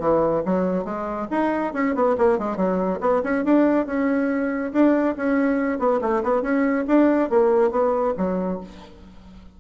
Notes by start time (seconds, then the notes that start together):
0.00 E3
0.45 F#3
0.85 G#3
1.31 D#4
1.74 C#4
1.95 B3
2.18 A#3
2.39 G#3
2.57 F#3
3.01 B3
3.24 C#4
3.45 D4
3.86 C#4
4.73 D4
5.17 C#4
5.79 B3
6.02 A3
6.23 B3
6.42 C#4
6.88 D4
7.30 A#3
7.71 B3
8.17 F#3